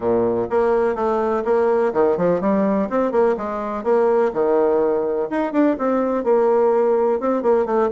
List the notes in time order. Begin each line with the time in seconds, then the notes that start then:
0.00 A#2
0.49 A#3
0.95 A3
1.44 A#3
1.93 D#3
2.17 F3
2.40 G3
2.89 C4
3.11 A#3
3.37 G#3
3.83 A#3
4.33 D#3
5.29 D#4
5.52 D4
5.78 C4
6.24 A#3
7.20 C4
7.42 A#3
7.65 A3